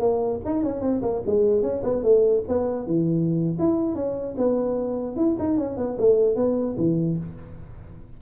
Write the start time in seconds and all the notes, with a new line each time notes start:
0.00 A#3
0.45 D#4
0.64 C#4
0.82 C4
1.02 A#3
1.27 G#3
1.63 C#4
1.84 B3
2.03 A3
2.49 B3
2.87 E3
3.59 E4
3.95 C#4
4.38 B3
5.17 E4
5.39 D#4
5.58 C#4
5.77 B3
5.99 A3
6.36 B3
6.78 E3